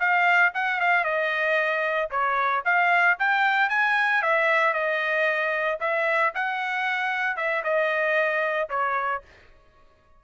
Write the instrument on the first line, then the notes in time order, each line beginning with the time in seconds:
trumpet
0.00 F5
0.54 F#5
0.80 F5
1.05 D#5
2.11 C#5
2.65 F5
3.19 G5
3.70 G#5
4.22 E5
4.73 D#5
5.81 E5
6.35 F#5
7.37 E5
7.64 D#5
8.70 C#5